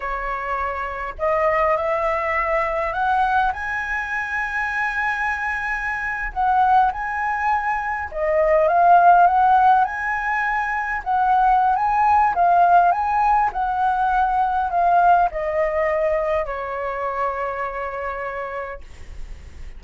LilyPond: \new Staff \with { instrumentName = "flute" } { \time 4/4 \tempo 4 = 102 cis''2 dis''4 e''4~ | e''4 fis''4 gis''2~ | gis''2~ gis''8. fis''4 gis''16~ | gis''4.~ gis''16 dis''4 f''4 fis''16~ |
fis''8. gis''2 fis''4~ fis''16 | gis''4 f''4 gis''4 fis''4~ | fis''4 f''4 dis''2 | cis''1 | }